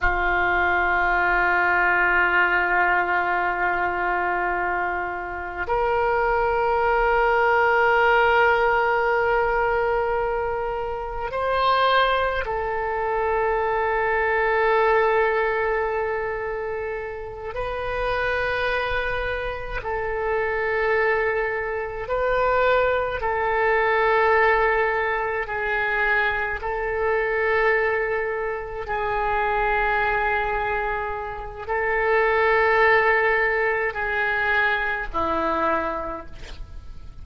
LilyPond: \new Staff \with { instrumentName = "oboe" } { \time 4/4 \tempo 4 = 53 f'1~ | f'4 ais'2.~ | ais'2 c''4 a'4~ | a'2.~ a'8 b'8~ |
b'4. a'2 b'8~ | b'8 a'2 gis'4 a'8~ | a'4. gis'2~ gis'8 | a'2 gis'4 e'4 | }